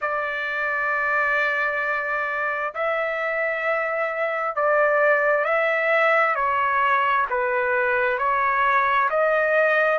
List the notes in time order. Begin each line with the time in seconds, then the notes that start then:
0.01 D5
2.74 E5
4.55 D5
5.44 E5
6.35 C#5
7.30 B4
8.18 C#5
9.10 D#5